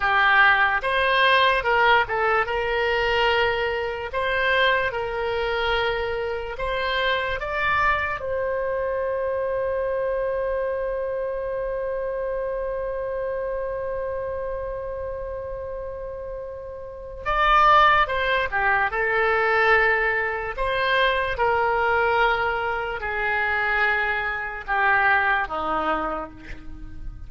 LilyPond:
\new Staff \with { instrumentName = "oboe" } { \time 4/4 \tempo 4 = 73 g'4 c''4 ais'8 a'8 ais'4~ | ais'4 c''4 ais'2 | c''4 d''4 c''2~ | c''1~ |
c''1~ | c''4 d''4 c''8 g'8 a'4~ | a'4 c''4 ais'2 | gis'2 g'4 dis'4 | }